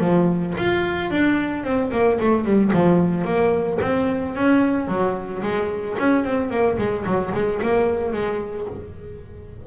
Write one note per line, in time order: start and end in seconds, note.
0.00 0.54 F3
0.58 1.11 F4
1.11 1.64 D4
1.64 1.91 C4
1.92 2.19 A#3
2.20 2.45 A3
2.45 2.72 G3
2.74 3.25 F3
3.25 3.79 A#3
3.81 4.35 C4
4.35 4.88 C#4
4.88 5.42 F#3
5.43 5.97 G#3
5.99 6.25 C#4
6.25 6.50 C4
6.50 6.77 A#3
6.78 7.05 G#3
7.06 7.33 F#3
7.34 7.61 G#3
7.62 8.13 A#3
8.13 8.67 G#3